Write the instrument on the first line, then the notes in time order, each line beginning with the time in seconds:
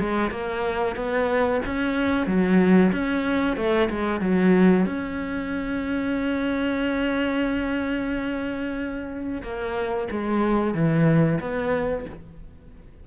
cello
0.00 G#3
0.31 A#3
0.96 B3
1.66 C#4
2.27 F#3
2.92 C#4
3.57 A3
3.90 G#3
4.21 F#3
4.86 C#4
9.43 A#3
10.11 G#3
10.74 E3
11.40 B3